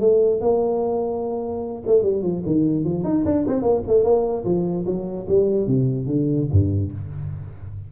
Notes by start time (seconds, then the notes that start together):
0.00 A3
0.41 A#3
1.86 A3
2.03 G3
2.22 F3
2.46 D#3
2.84 F3
3.04 D#4
3.25 D4
3.47 C4
3.62 A#3
3.87 A3
4.04 A#3
4.45 F3
4.86 F#3
5.28 G3
5.67 C3
6.06 D3
6.51 G2